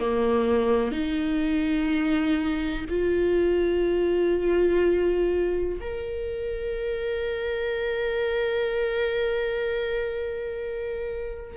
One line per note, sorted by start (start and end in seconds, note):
0.00 0.92 A#3
0.92 2.86 D#4
2.89 5.80 F4
5.81 11.58 A#4